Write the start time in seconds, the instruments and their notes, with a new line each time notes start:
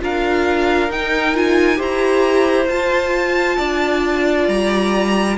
0.00 cello D4, viola F4, violin A#4 F5
0.89 cello D#4, viola D#4, violin G5
1.34 viola F4, violin G#5
1.76 cello E4, viola G4, violin C5 A#5
2.68 cello F4, viola F4, violin A5
3.57 cello D4, violin D5
4.47 cello G3, violin A#5